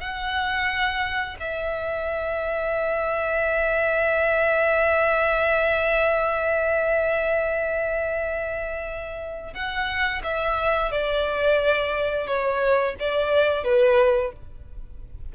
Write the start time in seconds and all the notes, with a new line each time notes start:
0.00 F#5
1.39 E5
9.54 F#5
10.23 E5
10.91 D5
12.27 C#5
12.99 D5
13.64 B4